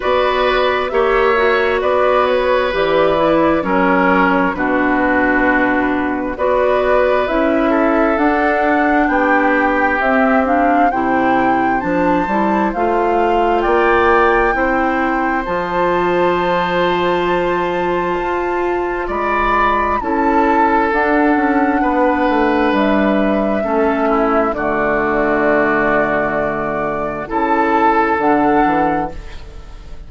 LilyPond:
<<
  \new Staff \with { instrumentName = "flute" } { \time 4/4 \tempo 4 = 66 d''4 e''4 d''8 cis''8 d''4 | cis''4 b'2 d''4 | e''4 fis''4 g''4 e''8 f''8 | g''4 a''4 f''4 g''4~ |
g''4 a''2.~ | a''4 b''4 a''4 fis''4~ | fis''4 e''2 d''4~ | d''2 a''4 fis''4 | }
  \new Staff \with { instrumentName = "oboe" } { \time 4/4 b'4 cis''4 b'2 | ais'4 fis'2 b'4~ | b'8 a'4. g'2 | c''2. d''4 |
c''1~ | c''4 d''4 a'2 | b'2 a'8 e'8 fis'4~ | fis'2 a'2 | }
  \new Staff \with { instrumentName = "clarinet" } { \time 4/4 fis'4 g'8 fis'4. g'8 e'8 | cis'4 d'2 fis'4 | e'4 d'2 c'8 d'8 | e'4 d'8 e'8 f'2 |
e'4 f'2.~ | f'2 e'4 d'4~ | d'2 cis'4 a4~ | a2 e'4 d'4 | }
  \new Staff \with { instrumentName = "bassoon" } { \time 4/4 b4 ais4 b4 e4 | fis4 b,2 b4 | cis'4 d'4 b4 c'4 | c4 f8 g8 a4 ais4 |
c'4 f2. | f'4 gis4 cis'4 d'8 cis'8 | b8 a8 g4 a4 d4~ | d2 cis4 d8 e8 | }
>>